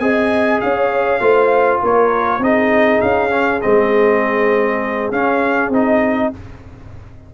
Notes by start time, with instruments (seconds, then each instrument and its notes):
0.00 tuba C4, trombone G#4, horn D#5, trumpet G#5
0.61 tuba C#4, horn C#5, trumpet F5
1.20 tuba A3, trombone F4, horn C5
1.82 tuba A#3, horn A#4, trumpet C#5
2.39 tuba C4, trombone D#4, horn G#4, trumpet D#5
3.01 tuba C#4, trumpet F5
3.30 trombone C#4
3.62 tuba G#3, trombone C4, trumpet D#5
5.12 tuba C#4, trombone C#4, trumpet F5
5.70 tuba C4, trombone D#4, trumpet D#5